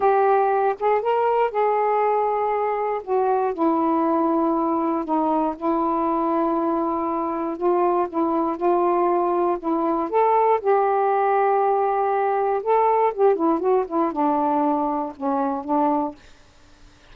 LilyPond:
\new Staff \with { instrumentName = "saxophone" } { \time 4/4 \tempo 4 = 119 g'4. gis'8 ais'4 gis'4~ | gis'2 fis'4 e'4~ | e'2 dis'4 e'4~ | e'2. f'4 |
e'4 f'2 e'4 | a'4 g'2.~ | g'4 a'4 g'8 e'8 fis'8 e'8 | d'2 cis'4 d'4 | }